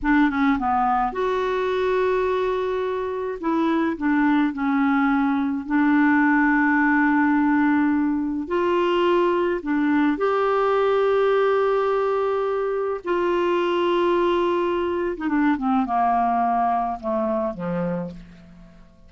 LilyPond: \new Staff \with { instrumentName = "clarinet" } { \time 4/4 \tempo 4 = 106 d'8 cis'8 b4 fis'2~ | fis'2 e'4 d'4 | cis'2 d'2~ | d'2. f'4~ |
f'4 d'4 g'2~ | g'2. f'4~ | f'2~ f'8. dis'16 d'8 c'8 | ais2 a4 f4 | }